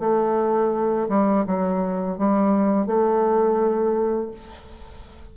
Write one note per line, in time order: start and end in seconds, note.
0.00 1.08 A3
1.09 1.46 G3
1.47 2.19 F#3
2.19 2.87 G3
2.87 4.31 A3